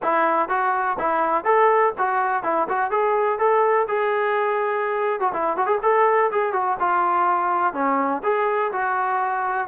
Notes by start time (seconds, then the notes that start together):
0.02 E4
0.48 F#4
0.98 E4
1.44 A4
1.98 F#4
2.43 E4
2.68 F#4
2.90 G#4
3.38 A4
3.88 G#4
5.20 F#4
5.33 E4
5.56 F#4
5.66 G#4
5.82 A4
6.31 G#4
6.52 F#4
6.79 F4
7.73 C#4
8.23 G#4
8.72 F#4